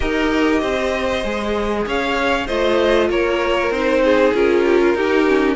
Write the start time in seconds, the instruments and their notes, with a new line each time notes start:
0.00 cello D#4, viola G4, violin A#4 D#5
0.60 cello C4, violin C5
1.23 cello G#3, viola G#4
1.86 cello C#4, violin C#5 F5
2.46 cello A3, viola F4, violin C5 D#5
3.09 cello A#3, violin A#4 C#5
3.70 cello C4, viola D#4, violin C5
4.04 violin G#4
4.34 cello C#4, viola F4, violin A#4
4.65 violin G4
4.81 violin F4
4.94 cello D#4, viola D#4, violin G4
5.27 viola C#4